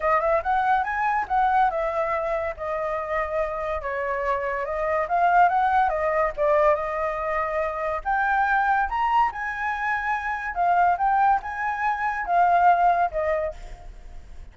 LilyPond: \new Staff \with { instrumentName = "flute" } { \time 4/4 \tempo 4 = 142 dis''8 e''8 fis''4 gis''4 fis''4 | e''2 dis''2~ | dis''4 cis''2 dis''4 | f''4 fis''4 dis''4 d''4 |
dis''2. g''4~ | g''4 ais''4 gis''2~ | gis''4 f''4 g''4 gis''4~ | gis''4 f''2 dis''4 | }